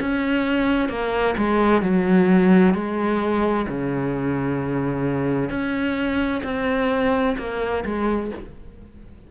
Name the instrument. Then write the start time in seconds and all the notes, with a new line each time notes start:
cello
0.00 C#4
0.89 A#3
1.37 G#3
1.82 F#3
2.74 G#3
3.68 C#3
5.50 C#4
6.44 C4
7.38 A#3
7.85 G#3